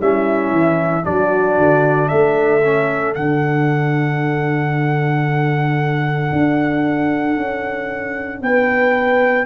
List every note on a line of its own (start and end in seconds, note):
0.00 0.51 G3
0.00 1.03 C#4
0.00 1.05 E4
0.00 1.05 E5
0.51 1.04 E3
1.03 1.58 F#3
1.03 2.61 D4
1.03 2.10 F#4
1.03 2.08 D5
1.58 2.11 D3
2.08 3.16 A3
2.08 8.41 A4
2.08 3.14 E5
2.64 3.15 C#4
3.15 6.31 D3
3.15 9.46 D4
3.15 8.41 F#5
6.32 7.36 D4
7.36 8.41 C#4
8.41 9.46 B3
8.41 9.46 B4
8.41 9.46 G5